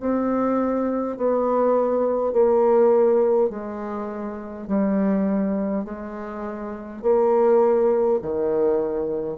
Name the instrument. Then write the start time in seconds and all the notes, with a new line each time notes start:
bassoon
0.00 C4
1.17 B3
2.33 A#3
3.50 G#3
4.67 G3
5.84 G#3
7.02 A#3
8.22 D#3